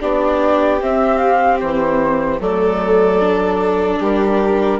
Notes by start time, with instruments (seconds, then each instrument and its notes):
0.00 bassoon B3, viola D4, violin G4, flute D5
0.81 viola C4, bassoon C4, flute E5
1.18 flute F5
1.60 bassoon E3, flute C5
2.40 bassoon F#3, viola A3, violin A4, flute D5
3.21 viola D4
4.00 bassoon G3, violin G4, flute A#4